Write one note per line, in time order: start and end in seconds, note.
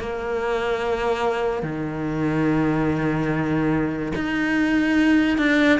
0.00 1.63 A#3
1.63 4.13 D#3
4.16 5.38 D#4
5.38 5.80 D4